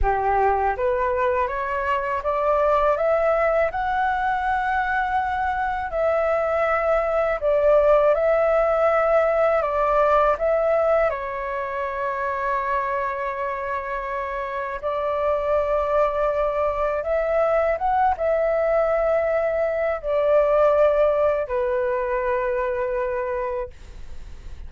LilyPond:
\new Staff \with { instrumentName = "flute" } { \time 4/4 \tempo 4 = 81 g'4 b'4 cis''4 d''4 | e''4 fis''2. | e''2 d''4 e''4~ | e''4 d''4 e''4 cis''4~ |
cis''1 | d''2. e''4 | fis''8 e''2~ e''8 d''4~ | d''4 b'2. | }